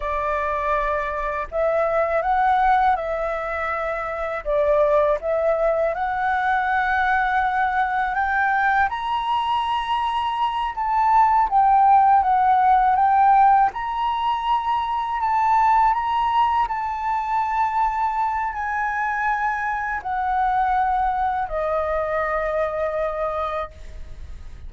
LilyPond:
\new Staff \with { instrumentName = "flute" } { \time 4/4 \tempo 4 = 81 d''2 e''4 fis''4 | e''2 d''4 e''4 | fis''2. g''4 | ais''2~ ais''8 a''4 g''8~ |
g''8 fis''4 g''4 ais''4.~ | ais''8 a''4 ais''4 a''4.~ | a''4 gis''2 fis''4~ | fis''4 dis''2. | }